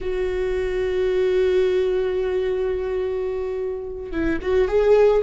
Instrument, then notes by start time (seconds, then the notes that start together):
viola
0.00 F#4
4.11 E4
4.41 F#4
4.67 G#4